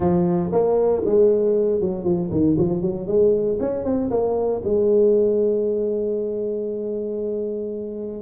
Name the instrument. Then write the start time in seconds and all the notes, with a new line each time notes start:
tuba
0.00 F3
0.52 A#3
1.05 G#3
1.81 F#3
2.03 F3
2.31 D#3
2.58 F3
2.81 F#3
3.07 G#3
3.60 C#4
3.84 C4
4.10 A#3
4.64 G#3